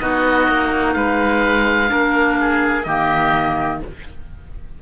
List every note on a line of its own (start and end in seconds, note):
0.00 0.48 B3
0.00 1.88 D#4
0.00 0.96 F#4
0.00 0.93 D#5
0.48 0.96 A#3
0.93 1.91 G#3
0.93 1.92 B4
0.93 2.84 F5
1.88 2.87 A#3
1.88 2.83 D4
1.88 2.39 A#4
2.40 2.87 G#4
2.84 3.82 D#3
2.84 3.82 A#3
2.84 3.82 G4
2.84 3.79 D#5